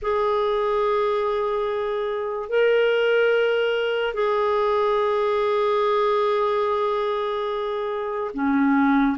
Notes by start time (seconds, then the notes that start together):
0.02 G#4
2.49 A#4
4.14 G#4
8.33 C#4